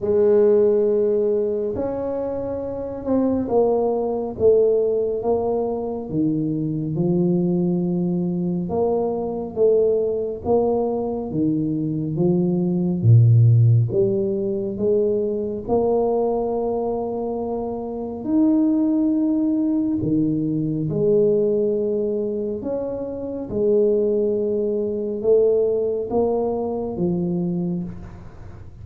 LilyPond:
\new Staff \with { instrumentName = "tuba" } { \time 4/4 \tempo 4 = 69 gis2 cis'4. c'8 | ais4 a4 ais4 dis4 | f2 ais4 a4 | ais4 dis4 f4 ais,4 |
g4 gis4 ais2~ | ais4 dis'2 dis4 | gis2 cis'4 gis4~ | gis4 a4 ais4 f4 | }